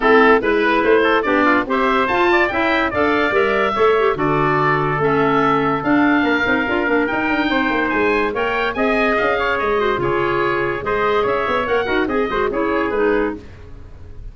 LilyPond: <<
  \new Staff \with { instrumentName = "oboe" } { \time 4/4 \tempo 4 = 144 a'4 b'4 c''4 d''4 | e''4 a''4 g''4 f''4 | e''2 d''2 | e''2 f''2~ |
f''4 g''2 gis''4 | g''4 gis''4 f''4 dis''4 | cis''2 dis''4 e''4 | fis''4 dis''4 cis''4 b'4 | }
  \new Staff \with { instrumentName = "trumpet" } { \time 4/4 e'4 b'4. a'8 g'8 f'8 | c''4. d''8 e''4 d''4~ | d''4 cis''4 a'2~ | a'2. ais'4~ |
ais'2 c''2 | cis''4 dis''4. cis''4 c''8 | gis'2 c''4 cis''4~ | cis''8 ais'8 gis'8 c''8 gis'2 | }
  \new Staff \with { instrumentName = "clarinet" } { \time 4/4 c'4 e'2 d'4 | g'4 f'4 e'4 a'4 | ais'4 a'8 g'8 fis'2 | cis'2 d'4. dis'8 |
f'8 d'8 dis'2. | ais'4 gis'2~ gis'8 fis'8 | f'2 gis'2 | ais'8 fis'8 gis'8 fis'8 e'4 dis'4 | }
  \new Staff \with { instrumentName = "tuba" } { \time 4/4 a4 gis4 a4 b4 | c'4 f'4 cis'4 d'4 | g4 a4 d2 | a2 d'4 ais8 c'8 |
d'8 ais8 dis'8 d'8 c'8 ais8 gis4 | ais4 c'4 cis'4 gis4 | cis2 gis4 cis'8 b8 | ais8 dis'8 c'8 gis8 cis'4 gis4 | }
>>